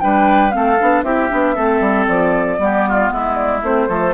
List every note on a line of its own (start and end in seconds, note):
0.00 0.55 G3
0.00 0.51 D4
0.00 0.55 B4
0.00 0.50 G5
0.50 0.81 A3
0.50 0.76 C4
0.50 1.05 A4
0.50 1.02 F5
0.80 1.03 B3
0.80 1.04 D4
1.03 1.29 C4
1.03 1.29 E4
1.03 1.55 G4
1.03 2.06 E5
1.29 1.56 B3
1.29 1.55 D4
1.55 1.80 A3
1.55 2.58 C4
1.55 2.58 A4
1.80 2.06 G3
2.07 2.59 F3
2.07 3.11 D5
2.58 3.10 G3
2.58 3.61 B3
2.64 2.89 G4
2.89 3.12 F4
3.11 3.62 G#3
3.11 3.89 E4
3.11 3.35 E5
3.35 3.61 D5
3.62 3.88 A3
3.62 3.88 C4
3.62 4.14 C5
3.88 4.14 F3
3.88 4.14 A3
3.88 4.14 A4